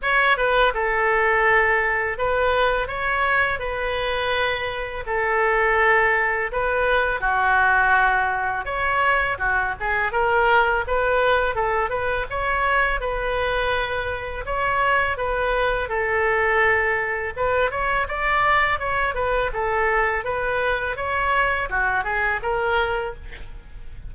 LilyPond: \new Staff \with { instrumentName = "oboe" } { \time 4/4 \tempo 4 = 83 cis''8 b'8 a'2 b'4 | cis''4 b'2 a'4~ | a'4 b'4 fis'2 | cis''4 fis'8 gis'8 ais'4 b'4 |
a'8 b'8 cis''4 b'2 | cis''4 b'4 a'2 | b'8 cis''8 d''4 cis''8 b'8 a'4 | b'4 cis''4 fis'8 gis'8 ais'4 | }